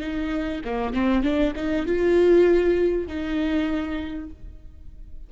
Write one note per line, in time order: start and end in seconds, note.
0.00 0.61 D#4
0.65 0.94 A#3
0.94 1.23 C4
1.23 1.54 D4
1.56 1.86 D#4
1.86 3.08 F4
3.08 4.30 D#4